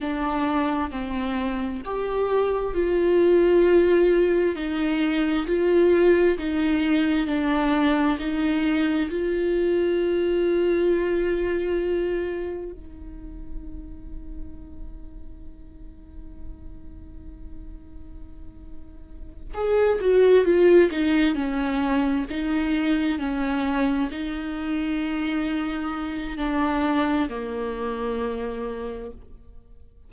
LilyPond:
\new Staff \with { instrumentName = "viola" } { \time 4/4 \tempo 4 = 66 d'4 c'4 g'4 f'4~ | f'4 dis'4 f'4 dis'4 | d'4 dis'4 f'2~ | f'2 dis'2~ |
dis'1~ | dis'4. gis'8 fis'8 f'8 dis'8 cis'8~ | cis'8 dis'4 cis'4 dis'4.~ | dis'4 d'4 ais2 | }